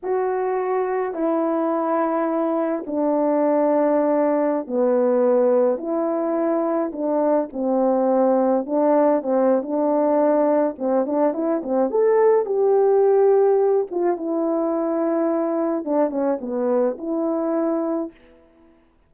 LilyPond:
\new Staff \with { instrumentName = "horn" } { \time 4/4 \tempo 4 = 106 fis'2 e'2~ | e'4 d'2.~ | d'16 b2 e'4.~ e'16~ | e'16 d'4 c'2 d'8.~ |
d'16 c'8. d'2 c'8 d'8 | e'8 c'8 a'4 g'2~ | g'8 f'8 e'2. | d'8 cis'8 b4 e'2 | }